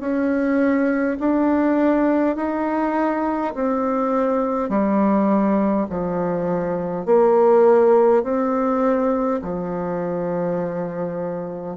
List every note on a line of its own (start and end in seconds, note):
0.00 1.18 C#4
1.20 2.36 D4
2.36 3.53 D#4
3.54 4.69 C4
4.69 5.87 G3
5.89 7.06 F3
7.06 8.23 A#3
8.23 9.41 C4
9.42 11.77 F3